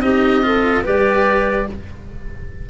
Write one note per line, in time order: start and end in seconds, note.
0.00 0.82 C4
0.00 0.42 D#4
0.00 0.44 G4
0.00 0.83 D#5
0.42 0.84 F4
0.42 0.84 A4
0.84 1.69 G3
0.84 1.66 G4
0.84 1.66 B4
0.84 1.68 D5